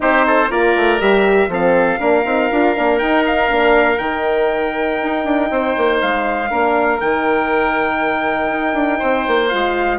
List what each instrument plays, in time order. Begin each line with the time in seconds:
0.00 bassoon C4, horn D#4, oboe G4, trumpet C5
0.26 oboe A4
0.49 bassoon A#3, horn F4, oboe A#4, trumpet D5
0.76 bassoon A3
0.99 bassoon G3, horn G4, trumpet E5
1.48 bassoon F3, horn C4, oboe A4, trumpet F5
1.99 bassoon A#3, horn D4, oboe A#4
2.25 bassoon C4, horn D#4
2.51 bassoon D4, horn F4
2.75 bassoon A#3, horn D4
2.98 horn D#4, bassoon D#4, trumpet G5
3.25 trumpet F5
3.48 bassoon A#3, horn D4
3.98 bassoon D#3, horn D#4, trumpet G5
5.02 bassoon D#4
5.24 bassoon D4
5.50 bassoon C4, oboe C5
5.77 bassoon A#3
6.01 bassoon G#3, trumpet F5
6.49 bassoon A#3, horn D4, oboe A#4
7.00 bassoon D#3, horn D#4, trumpet G5
8.50 bassoon D#4
8.73 bassoon D4
8.98 bassoon C4, oboe C5
9.27 bassoon A#3
9.49 bassoon G#3, horn F4, trumpet F5